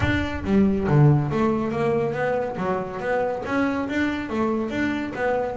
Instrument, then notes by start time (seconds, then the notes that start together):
double bass
0.00 D4
0.44 G3
0.87 D3
1.30 A3
1.71 A#3
2.13 B3
2.57 F#3
3.00 B3
3.45 C#4
3.88 D4
4.29 A3
4.69 D4
5.15 B3